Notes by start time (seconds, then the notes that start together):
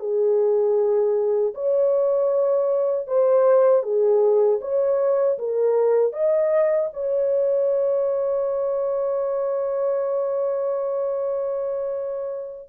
0.00 G#4
1.55 C#5
3.07 C5
3.83 G#4
4.62 C#5
5.39 A#4
6.13 D#5
6.93 C#5